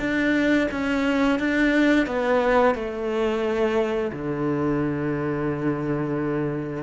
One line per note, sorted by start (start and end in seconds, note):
0.00 0.68 D4
0.72 1.39 C#4
1.39 2.07 D4
2.07 2.75 B3
2.75 4.12 A3
4.12 6.84 D3